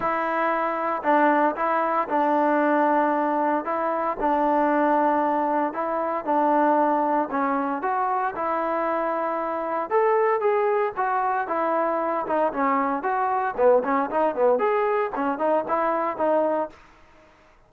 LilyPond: \new Staff \with { instrumentName = "trombone" } { \time 4/4 \tempo 4 = 115 e'2 d'4 e'4 | d'2. e'4 | d'2. e'4 | d'2 cis'4 fis'4 |
e'2. a'4 | gis'4 fis'4 e'4. dis'8 | cis'4 fis'4 b8 cis'8 dis'8 b8 | gis'4 cis'8 dis'8 e'4 dis'4 | }